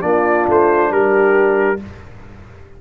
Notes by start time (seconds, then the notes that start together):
0.00 A#3 D4 F4 D5
0.48 A3 C5
0.90 G3 G4 A#4